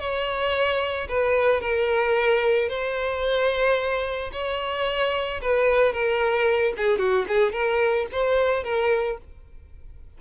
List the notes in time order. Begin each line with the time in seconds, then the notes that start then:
0.00 C#5
1.09 B4
1.61 A#4
2.69 C5
4.33 C#5
5.42 B4
5.93 A#4
6.78 G#4
6.99 F#4
7.29 G#4
7.53 A#4
8.13 C5
8.64 A#4